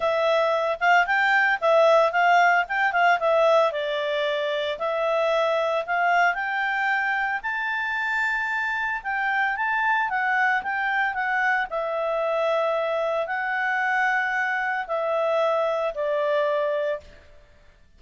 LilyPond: \new Staff \with { instrumentName = "clarinet" } { \time 4/4 \tempo 4 = 113 e''4. f''8 g''4 e''4 | f''4 g''8 f''8 e''4 d''4~ | d''4 e''2 f''4 | g''2 a''2~ |
a''4 g''4 a''4 fis''4 | g''4 fis''4 e''2~ | e''4 fis''2. | e''2 d''2 | }